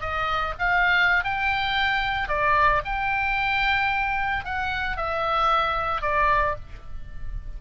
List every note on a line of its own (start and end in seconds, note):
0.00 0.54 D#5
0.58 1.24 F5
1.24 2.28 G5
2.28 2.82 D5
2.84 4.45 G5
4.45 4.97 F#5
4.97 6.01 E5
6.01 6.55 D5